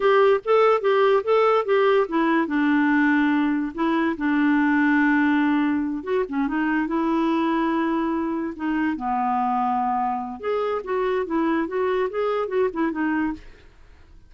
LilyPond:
\new Staff \with { instrumentName = "clarinet" } { \time 4/4 \tempo 4 = 144 g'4 a'4 g'4 a'4 | g'4 e'4 d'2~ | d'4 e'4 d'2~ | d'2~ d'8 fis'8 cis'8 dis'8~ |
dis'8 e'2.~ e'8~ | e'8 dis'4 b2~ b8~ | b4 gis'4 fis'4 e'4 | fis'4 gis'4 fis'8 e'8 dis'4 | }